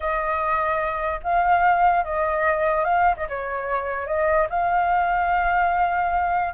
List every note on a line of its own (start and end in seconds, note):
0.00 1.20 D#5
1.23 2.04 F5
2.04 2.84 D#5
2.84 3.15 F5
3.17 3.27 D#5
3.28 4.06 C#5
4.06 4.47 D#5
4.49 6.53 F5